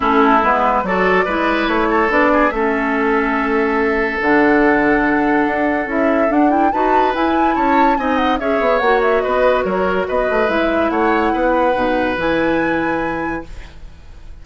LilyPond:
<<
  \new Staff \with { instrumentName = "flute" } { \time 4/4 \tempo 4 = 143 a'4 b'4 d''2 | cis''4 d''4 e''2~ | e''2 fis''2~ | fis''2 e''4 fis''8 g''8 |
a''4 gis''4 a''4 gis''8 fis''8 | e''4 fis''8 e''8 dis''4 cis''4 | dis''4 e''4 fis''2~ | fis''4 gis''2. | }
  \new Staff \with { instrumentName = "oboe" } { \time 4/4 e'2 a'4 b'4~ | b'8 a'4 gis'8 a'2~ | a'1~ | a'1 |
b'2 cis''4 dis''4 | cis''2 b'4 ais'4 | b'2 cis''4 b'4~ | b'1 | }
  \new Staff \with { instrumentName = "clarinet" } { \time 4/4 cis'4 b4 fis'4 e'4~ | e'4 d'4 cis'2~ | cis'2 d'2~ | d'2 e'4 d'8 e'8 |
fis'4 e'2 dis'4 | gis'4 fis'2.~ | fis'4 e'2. | dis'4 e'2. | }
  \new Staff \with { instrumentName = "bassoon" } { \time 4/4 a4 gis4 fis4 gis4 | a4 b4 a2~ | a2 d2~ | d4 d'4 cis'4 d'4 |
dis'4 e'4 cis'4 c'4 | cis'8 b8 ais4 b4 fis4 | b8 a8 gis4 a4 b4 | b,4 e2. | }
>>